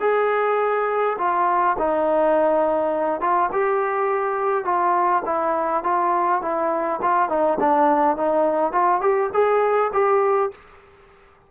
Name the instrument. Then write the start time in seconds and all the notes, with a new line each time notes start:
trombone
0.00 G#4
1.18 F4
1.78 D#4
3.20 F4
3.52 G4
4.64 F4
5.25 E4
5.83 F4
6.41 E4
7.01 F4
7.29 D#4
7.59 D4
8.16 D#4
8.72 F4
9.01 G4
9.33 G#4
9.92 G4